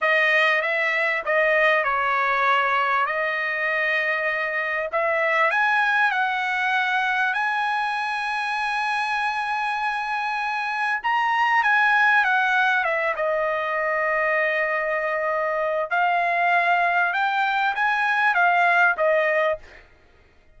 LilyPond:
\new Staff \with { instrumentName = "trumpet" } { \time 4/4 \tempo 4 = 98 dis''4 e''4 dis''4 cis''4~ | cis''4 dis''2. | e''4 gis''4 fis''2 | gis''1~ |
gis''2 ais''4 gis''4 | fis''4 e''8 dis''2~ dis''8~ | dis''2 f''2 | g''4 gis''4 f''4 dis''4 | }